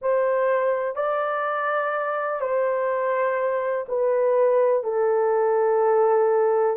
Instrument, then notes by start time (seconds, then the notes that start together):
horn
0.01 C5
0.95 D5
2.40 C5
3.88 B4
4.83 A4